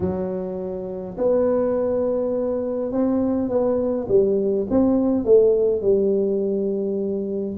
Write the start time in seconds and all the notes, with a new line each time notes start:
0.00 F#3
1.17 B3
2.92 C4
3.48 B3
4.08 G3
4.69 C4
5.24 A3
5.81 G3